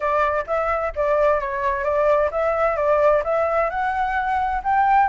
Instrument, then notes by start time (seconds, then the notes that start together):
flute
0.00 D5
0.46 E5
0.95 D5
1.40 C#5
1.83 D5
2.31 E5
2.76 D5
3.23 E5
3.69 F#5
4.63 G5